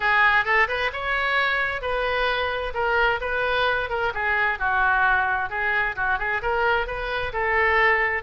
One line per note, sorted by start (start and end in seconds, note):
0.00 0.44 G#4
0.44 0.67 A4
0.67 0.90 B4
0.92 1.81 C#5
1.81 2.73 B4
2.74 3.20 A#4
3.21 3.89 B4
3.89 4.12 A#4
4.14 4.58 G#4
4.58 5.49 F#4
5.49 5.95 G#4
5.95 6.18 F#4
6.18 6.41 G#4
6.41 6.86 A#4
6.86 7.32 B4
7.32 8.23 A4